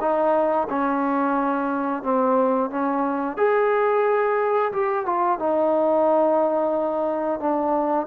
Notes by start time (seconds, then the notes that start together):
0.00 D#4
0.69 C#4
2.03 C4
2.70 C#4
3.37 G#4
4.72 G4
5.06 F4
5.39 D#4
7.39 D4